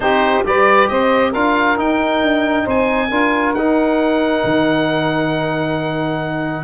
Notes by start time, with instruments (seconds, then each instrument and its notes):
0.00 tuba C4, trombone D#4, saxophone G4, oboe C5
0.44 tuba G3, trombone G4, saxophone B4, oboe D5
0.88 tuba C4, saxophone C5, oboe D#5
1.30 tuba D4, trombone F4, saxophone A#4, oboe F5
1.76 trombone D#4, tuba D#4, oboe G5
2.22 tuba D4
2.64 tuba C4, saxophone C5, oboe G#5
3.09 tuba D4, trombone F4, saxophone A#4
3.54 tuba D#4, trombone D#4, oboe F#5
4.43 tuba D#3